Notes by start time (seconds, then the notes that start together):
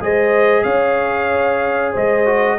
0.00 G#3 G#4 C5 D#5
0.63 C#4 C#5 F5
1.92 G#3 C5 D#5
2.26 F#4